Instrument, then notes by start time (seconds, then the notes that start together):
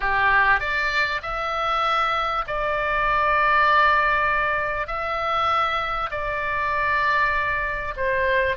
oboe
0.00 G4
0.60 D5
1.22 E5
2.47 D5
4.87 E5
6.10 D5
7.96 C5